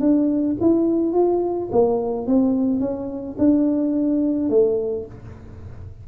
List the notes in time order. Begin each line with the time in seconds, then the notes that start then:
0.00 D4
0.61 E4
1.13 F4
1.72 A#3
2.27 C4
2.80 C#4
3.38 D4
4.49 A3